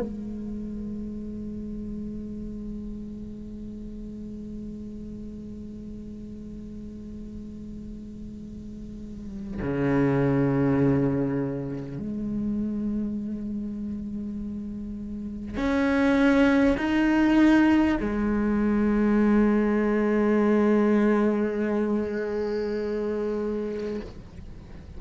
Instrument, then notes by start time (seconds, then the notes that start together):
cello
0.00 G#3
9.62 C#3
11.98 G#3
15.57 C#4
16.77 D#4
18.00 G#3